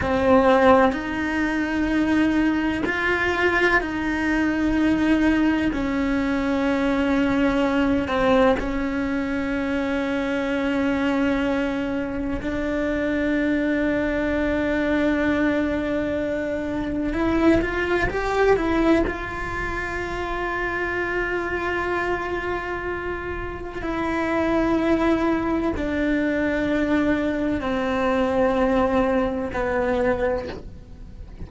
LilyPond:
\new Staff \with { instrumentName = "cello" } { \time 4/4 \tempo 4 = 63 c'4 dis'2 f'4 | dis'2 cis'2~ | cis'8 c'8 cis'2.~ | cis'4 d'2.~ |
d'2 e'8 f'8 g'8 e'8 | f'1~ | f'4 e'2 d'4~ | d'4 c'2 b4 | }